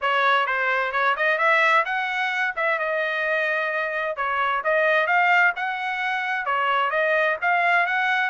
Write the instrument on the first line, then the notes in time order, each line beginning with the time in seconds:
trumpet
0.01 C#5
0.46 C5
0.92 C#5
1.16 D#5
1.38 E5
1.85 F#5
2.56 E5
2.78 D#5
4.16 C#5
4.63 D#5
5.06 F5
5.56 F#5
6.45 C#5
6.90 D#5
7.41 F5
7.86 F#5